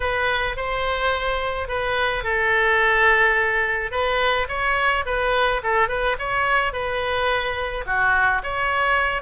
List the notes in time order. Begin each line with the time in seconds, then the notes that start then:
0.00 B4
0.56 C5
1.67 B4
2.23 A4
3.91 B4
4.48 C#5
5.05 B4
5.63 A4
5.88 B4
6.19 C#5
6.72 B4
7.86 F#4
8.43 C#5